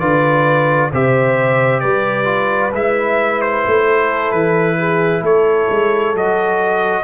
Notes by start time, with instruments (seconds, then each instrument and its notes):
0.00 tuba D3, trombone F4, horn B4, trumpet D5
0.93 tuba C3, trombone G4, horn C5, trumpet E5
1.80 tuba G3, horn B4, trumpet D5
2.25 trombone F4
2.73 tuba G#3, trombone E4, trumpet E5
3.41 trumpet C5
3.67 tuba A3
3.87 horn A4
4.32 tuba E3, trumpet B4
4.79 horn G#4
5.22 tuba A3, horn A4, trumpet C#5
5.70 tuba G#3
6.14 tuba F#3, trombone F#4, trumpet D#5